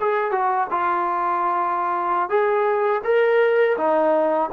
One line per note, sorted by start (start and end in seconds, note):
0.00 0.31 G#4
0.31 0.67 F#4
0.70 2.29 F4
2.29 3.01 G#4
3.04 3.76 A#4
3.77 4.50 D#4